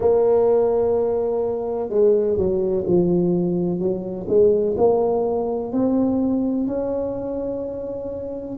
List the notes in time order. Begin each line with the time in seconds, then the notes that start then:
0.00 A#3
1.89 G#3
2.36 F#3
2.87 F3
3.79 F#3
4.28 G#3
4.77 A#3
5.72 C4
6.67 C#4